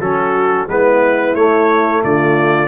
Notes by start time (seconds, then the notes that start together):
0.00 F#3 C#4 F#4 A4
0.68 G#3 B3 E4 B4
1.35 A3 C#5
2.03 D3 F4 D5